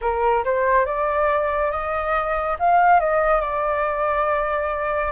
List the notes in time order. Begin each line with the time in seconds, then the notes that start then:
0.01 A#4
0.44 C5
0.85 D5
1.71 D#5
2.59 F5
3.00 D#5
3.41 D5